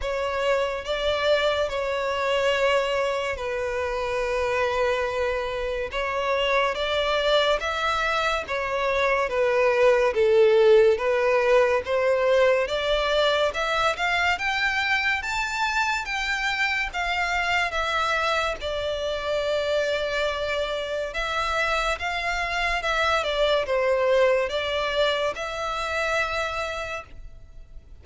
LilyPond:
\new Staff \with { instrumentName = "violin" } { \time 4/4 \tempo 4 = 71 cis''4 d''4 cis''2 | b'2. cis''4 | d''4 e''4 cis''4 b'4 | a'4 b'4 c''4 d''4 |
e''8 f''8 g''4 a''4 g''4 | f''4 e''4 d''2~ | d''4 e''4 f''4 e''8 d''8 | c''4 d''4 e''2 | }